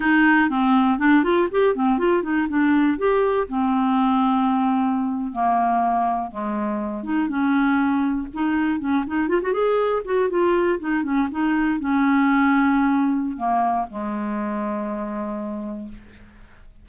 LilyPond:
\new Staff \with { instrumentName = "clarinet" } { \time 4/4 \tempo 4 = 121 dis'4 c'4 d'8 f'8 g'8 c'8 | f'8 dis'8 d'4 g'4 c'4~ | c'2~ c'8. ais4~ ais16~ | ais8. gis4. dis'8 cis'4~ cis'16~ |
cis'8. dis'4 cis'8 dis'8 f'16 fis'16 gis'8.~ | gis'16 fis'8 f'4 dis'8 cis'8 dis'4 cis'16~ | cis'2. ais4 | gis1 | }